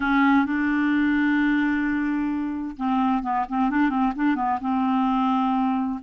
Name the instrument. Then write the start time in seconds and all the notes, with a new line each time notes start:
clarinet
0.00 C#4
0.45 D4
2.76 C4
3.22 B3
3.48 C4
3.69 D4
3.89 C4
4.15 D4
4.35 B3
4.60 C4